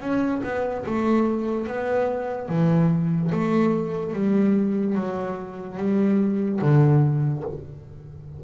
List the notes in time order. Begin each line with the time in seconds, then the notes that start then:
0.00 C#4
0.43 B3
0.86 A3
1.67 B3
2.48 E3
3.31 A3
4.13 G3
4.95 F#3
5.77 G3
6.61 D3